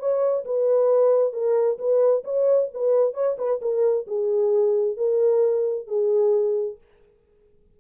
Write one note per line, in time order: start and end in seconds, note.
0.00 0.45 C#5
0.46 1.33 B4
1.33 1.79 A#4
1.79 2.24 B4
2.25 2.70 C#5
2.74 3.14 B4
3.14 3.37 C#5
3.39 3.61 B4
3.62 4.07 A#4
4.07 4.97 G#4
4.97 5.88 A#4
5.88 6.78 G#4